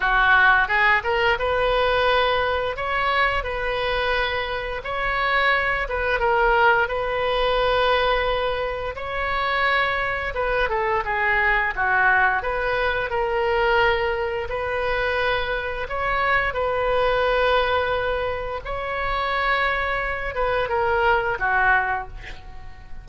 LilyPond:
\new Staff \with { instrumentName = "oboe" } { \time 4/4 \tempo 4 = 87 fis'4 gis'8 ais'8 b'2 | cis''4 b'2 cis''4~ | cis''8 b'8 ais'4 b'2~ | b'4 cis''2 b'8 a'8 |
gis'4 fis'4 b'4 ais'4~ | ais'4 b'2 cis''4 | b'2. cis''4~ | cis''4. b'8 ais'4 fis'4 | }